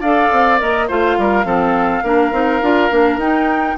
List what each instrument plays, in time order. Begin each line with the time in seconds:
0.00 bassoon D4, clarinet A4, oboe D5, flute F5
0.32 bassoon C4
0.58 bassoon A#3, clarinet A#4, flute D#5
0.87 bassoon A3, clarinet F4, oboe C5, flute F5
1.18 bassoon G3, oboe A#4
1.44 bassoon F3, clarinet C4, oboe A4
2.03 bassoon A#3, clarinet D4, oboe A#4
2.31 bassoon C4, clarinet D#4
2.62 bassoon D4, clarinet F4
2.90 bassoon A#3, clarinet D4
3.17 bassoon D#4, clarinet D#4, flute G5